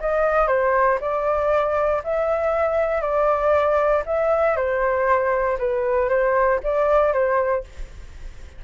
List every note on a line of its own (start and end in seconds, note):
0.00 0.47 D#5
0.47 0.98 C5
1.00 2.02 D5
2.03 3.01 E5
3.01 4.03 D5
4.06 4.56 E5
4.56 5.57 C5
5.58 6.09 B4
6.09 6.60 C5
6.63 7.13 D5
7.13 7.63 C5